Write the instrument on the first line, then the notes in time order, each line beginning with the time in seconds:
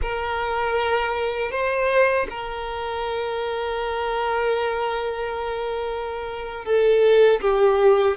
violin
0.02 A#4
1.51 C5
2.30 A#4
6.64 A4
7.41 G4